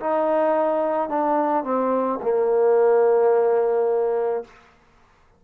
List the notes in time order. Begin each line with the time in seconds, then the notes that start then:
0.00 D#4
1.10 D4
1.64 C4
2.23 A#3